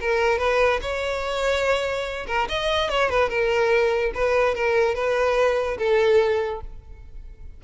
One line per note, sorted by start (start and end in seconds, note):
0.00 0.38 A#4
0.38 0.80 B4
0.81 2.26 C#5
2.27 2.48 A#4
2.48 2.89 D#5
2.89 3.09 C#5
3.09 3.29 B4
3.29 4.12 A#4
4.14 4.55 B4
4.55 4.95 A#4
4.95 5.77 B4
5.78 6.60 A4